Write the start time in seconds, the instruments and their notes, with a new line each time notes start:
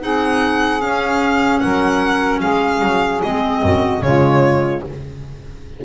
0.00 double bass C4, clarinet D#4, saxophone G#4, violin F#5
0.81 clarinet C#4, double bass C#4, violin F5
1.60 double bass F#3, saxophone A#4, violin F#5
2.41 double bass G#3, saxophone G#4, violin F5
2.82 double bass F#3
3.23 double bass G#3, clarinet C4, violin D#5
3.63 double bass F#2, saxophone F#4
4.02 double bass C#3, clarinet G#3, saxophone F4, violin C#5